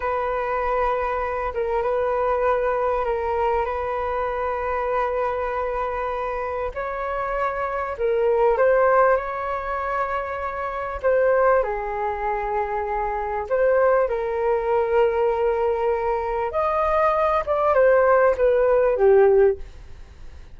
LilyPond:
\new Staff \with { instrumentName = "flute" } { \time 4/4 \tempo 4 = 98 b'2~ b'8 ais'8 b'4~ | b'4 ais'4 b'2~ | b'2. cis''4~ | cis''4 ais'4 c''4 cis''4~ |
cis''2 c''4 gis'4~ | gis'2 c''4 ais'4~ | ais'2. dis''4~ | dis''8 d''8 c''4 b'4 g'4 | }